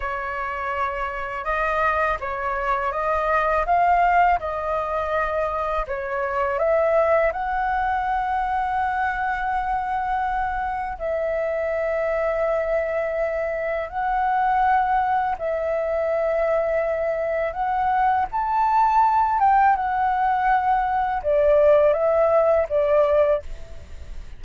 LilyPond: \new Staff \with { instrumentName = "flute" } { \time 4/4 \tempo 4 = 82 cis''2 dis''4 cis''4 | dis''4 f''4 dis''2 | cis''4 e''4 fis''2~ | fis''2. e''4~ |
e''2. fis''4~ | fis''4 e''2. | fis''4 a''4. g''8 fis''4~ | fis''4 d''4 e''4 d''4 | }